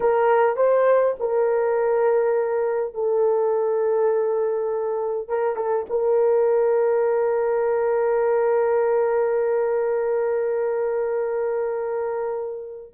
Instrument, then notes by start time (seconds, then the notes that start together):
horn
0.00 A#4
0.56 C5
1.19 A#4
2.94 A4
5.28 A#4
5.56 A4
5.89 A#4